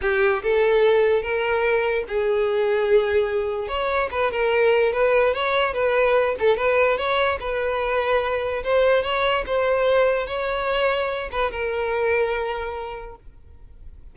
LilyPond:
\new Staff \with { instrumentName = "violin" } { \time 4/4 \tempo 4 = 146 g'4 a'2 ais'4~ | ais'4 gis'2.~ | gis'4 cis''4 b'8 ais'4. | b'4 cis''4 b'4. a'8 |
b'4 cis''4 b'2~ | b'4 c''4 cis''4 c''4~ | c''4 cis''2~ cis''8 b'8 | ais'1 | }